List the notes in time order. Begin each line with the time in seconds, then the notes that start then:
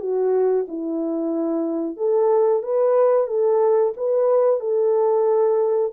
0.00 F#4
0.68 E4
1.97 A4
2.63 B4
3.27 A4
3.97 B4
4.60 A4